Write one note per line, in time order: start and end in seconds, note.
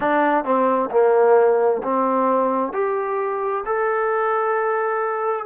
0.00 0.44 D4
0.44 0.89 C4
0.90 1.81 A#3
1.83 2.73 C4
2.73 3.64 G4
3.65 5.45 A4